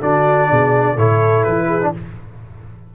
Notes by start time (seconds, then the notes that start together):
0.00 D3 D4 F#4 D5
0.50 B2 G#4
0.95 A2 E4 A4 C#5
1.44 E3 B4
1.67 G#4
1.82 D4